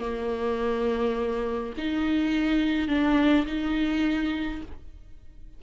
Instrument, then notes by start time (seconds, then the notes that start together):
viola
0.00 A#3
1.78 D#4
2.88 D4
3.47 D#4